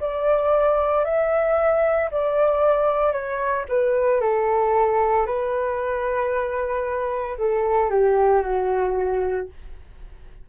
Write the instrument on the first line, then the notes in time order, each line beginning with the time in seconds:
flute
0.00 D5
1.04 E5
2.11 D5
3.12 C#5
3.68 B4
4.21 A4
5.26 B4
7.37 A4
7.90 G4
8.42 F#4